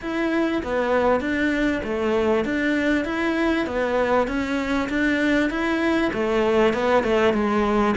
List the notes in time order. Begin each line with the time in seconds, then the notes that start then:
0.01 E4
0.63 B3
1.20 D4
1.83 A3
2.44 D4
3.04 E4
3.66 B3
4.27 C#4
4.89 D4
5.50 E4
6.13 A3
6.73 B3
7.03 A3
7.33 G#3